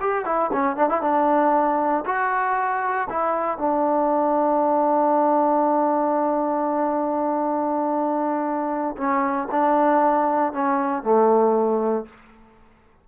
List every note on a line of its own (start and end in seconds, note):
0.00 0.25 G4
0.25 0.50 E4
0.52 0.76 C#4
0.76 0.89 D4
0.89 1.01 E4
1.01 2.04 D4
2.05 3.08 F#4
3.09 3.58 E4
3.58 8.96 D4
8.97 9.48 C#4
9.51 10.52 D4
10.52 11.03 C#4
11.03 12.05 A3